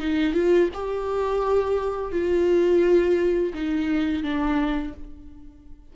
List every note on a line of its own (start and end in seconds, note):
0.00 0.34 D#4
0.34 0.70 F4
0.74 2.12 G4
2.12 3.54 F4
3.55 4.24 D#4
4.24 4.94 D4